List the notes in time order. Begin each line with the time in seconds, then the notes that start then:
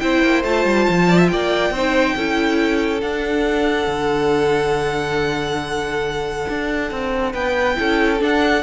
0.00 C4 E4 C5 G5
0.23 A#3
0.44 A3 F4 A5
0.65 G3
0.89 F3
1.09 D5
1.19 E5
1.28 A#3 D5 G5
1.71 C4 D#4 C5
2.17 C#4 E4 A4
3.02 D4 F#5
3.87 D3
6.50 D4
6.91 C4
7.33 B3 B4 G5
7.76 C#4 E4 A4
8.19 D4 F#5